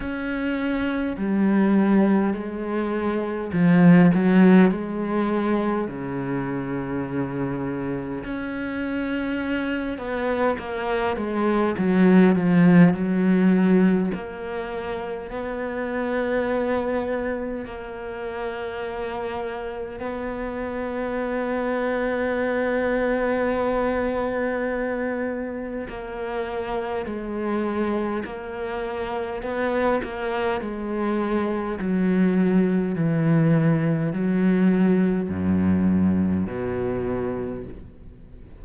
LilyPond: \new Staff \with { instrumentName = "cello" } { \time 4/4 \tempo 4 = 51 cis'4 g4 gis4 f8 fis8 | gis4 cis2 cis'4~ | cis'8 b8 ais8 gis8 fis8 f8 fis4 | ais4 b2 ais4~ |
ais4 b2.~ | b2 ais4 gis4 | ais4 b8 ais8 gis4 fis4 | e4 fis4 fis,4 b,4 | }